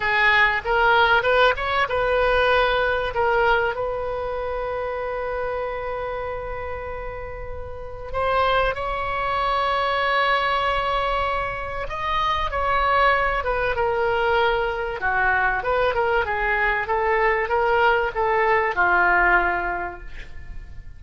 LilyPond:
\new Staff \with { instrumentName = "oboe" } { \time 4/4 \tempo 4 = 96 gis'4 ais'4 b'8 cis''8 b'4~ | b'4 ais'4 b'2~ | b'1~ | b'4 c''4 cis''2~ |
cis''2. dis''4 | cis''4. b'8 ais'2 | fis'4 b'8 ais'8 gis'4 a'4 | ais'4 a'4 f'2 | }